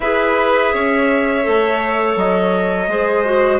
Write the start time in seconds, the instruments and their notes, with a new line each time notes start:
0.00 bassoon E4, clarinet G#4, violin B4, trumpet E5
0.73 bassoon C#4, violin C#5
1.42 bassoon A3, clarinet A4
2.16 bassoon F#3, trumpet D#5
2.87 bassoon G#3, clarinet G#4, violin C5
3.24 clarinet F#4